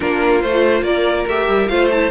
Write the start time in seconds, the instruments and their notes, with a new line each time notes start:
0.00 cello A#3, viola D4, violin F4 A#4
0.41 cello A3, viola F4, violin C5
0.82 cello A#3, violin A#4 D5
1.27 cello A3, viola G4, violin E5
1.48 cello G3
1.67 cello A3, viola F4, violin C5 F5
1.90 viola E4, violin A5